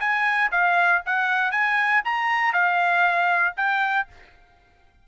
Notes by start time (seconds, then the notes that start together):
0.00 G#5
0.51 F5
1.06 F#5
1.51 G#5
2.05 A#5
2.53 F5
3.56 G5